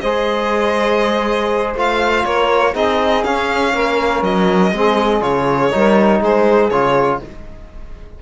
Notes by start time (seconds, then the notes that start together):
0.00 G#3 G#4 C5 D#5
1.75 A3 F4 F5
2.24 A#3 A#4 C#5
2.73 C4 D#4 G#4 D#5
3.24 C#4 F5
3.73 A#3 A#4
4.22 F#3 D#5
4.71 G#3 C4 G#4
5.20 C#3 F4 C#5
5.71 G3 D#4 A#4
6.20 G#3 G#4 C5
6.70 C#3 F4 C#5